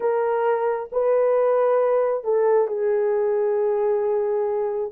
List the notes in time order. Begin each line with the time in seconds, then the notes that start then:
0.00 A#4
0.92 B4
2.23 A4
2.67 G#4